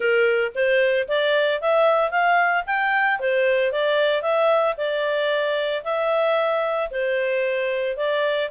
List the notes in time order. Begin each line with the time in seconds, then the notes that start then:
0.00 A#4
0.54 C5
1.08 D5
1.61 E5
2.10 F5
2.66 G5
3.19 C5
3.71 D5
4.22 E5
4.77 D5
5.84 E5
6.90 C5
7.96 D5